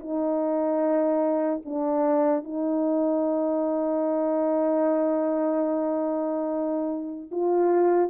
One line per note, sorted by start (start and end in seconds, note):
0.00 1.62 D#4
1.65 2.44 D4
2.44 7.30 D#4
7.32 8.10 F4